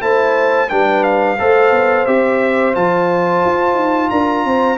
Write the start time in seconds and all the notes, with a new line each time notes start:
0.00 A3 E4 C5 A5
0.69 G3 D4 B4 G5
1.03 F5
1.38 A3 A4 C5
1.71 B3
2.06 C4 G4 E5
2.74 F3 F4 A5
3.45 F4
3.74 D#4
4.10 D4 A#4 A#5
4.44 C4 C5